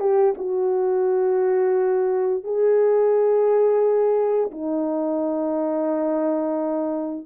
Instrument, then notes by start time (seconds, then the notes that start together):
horn
0.00 G4
0.38 F#4
2.44 G#4
4.52 D#4